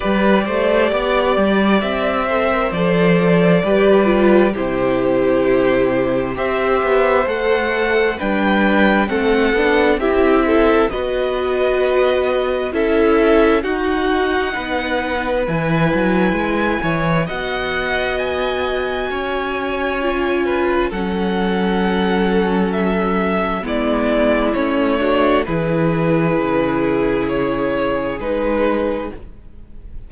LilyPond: <<
  \new Staff \with { instrumentName = "violin" } { \time 4/4 \tempo 4 = 66 d''2 e''4 d''4~ | d''4 c''2 e''4 | fis''4 g''4 fis''4 e''4 | dis''2 e''4 fis''4~ |
fis''4 gis''2 fis''4 | gis''2. fis''4~ | fis''4 e''4 d''4 cis''4 | b'2 cis''4 b'4 | }
  \new Staff \with { instrumentName = "violin" } { \time 4/4 b'8 c''8 d''4. c''4. | b'4 g'2 c''4~ | c''4 b'4 a'4 g'8 a'8 | b'2 a'4 fis'4 |
b'2~ b'8 cis''8 dis''4~ | dis''4 cis''4. b'8 a'4~ | a'2 e'4. fis'8 | gis'1 | }
  \new Staff \with { instrumentName = "viola" } { \time 4/4 g'2~ g'8 a'16 ais'16 a'4 | g'8 f'8 e'2 g'4 | a'4 d'4 c'8 d'8 e'4 | fis'2 e'4 dis'4~ |
dis'4 e'2 fis'4~ | fis'2 f'4 cis'4~ | cis'2 b4 cis'8 d'8 | e'2. dis'4 | }
  \new Staff \with { instrumentName = "cello" } { \time 4/4 g8 a8 b8 g8 c'4 f4 | g4 c2 c'8 b8 | a4 g4 a8 b8 c'4 | b2 cis'4 dis'4 |
b4 e8 fis8 gis8 e8 b4~ | b4 cis'2 fis4~ | fis2 gis4 a4 | e4 cis2 gis4 | }
>>